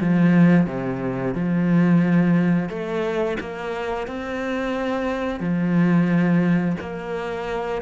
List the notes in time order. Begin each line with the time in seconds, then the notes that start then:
0.00 F3
0.66 C3
1.34 F3
2.69 A3
3.40 A#3
4.07 C4
5.40 F3
6.80 A#3